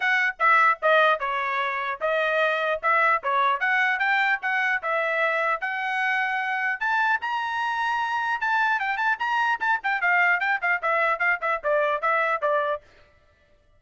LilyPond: \new Staff \with { instrumentName = "trumpet" } { \time 4/4 \tempo 4 = 150 fis''4 e''4 dis''4 cis''4~ | cis''4 dis''2 e''4 | cis''4 fis''4 g''4 fis''4 | e''2 fis''2~ |
fis''4 a''4 ais''2~ | ais''4 a''4 g''8 a''8 ais''4 | a''8 g''8 f''4 g''8 f''8 e''4 | f''8 e''8 d''4 e''4 d''4 | }